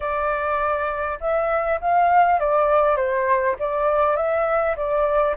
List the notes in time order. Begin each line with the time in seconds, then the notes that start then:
0.00 D5
1.20 E5
1.81 F5
2.39 D5
2.96 C5
3.59 D5
4.16 E5
4.76 D5